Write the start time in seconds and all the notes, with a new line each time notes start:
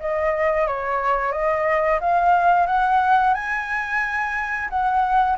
0.00 D#5
0.67 C#5
1.32 D#5
2.01 F5
2.67 F#5
3.34 G#5
4.70 F#5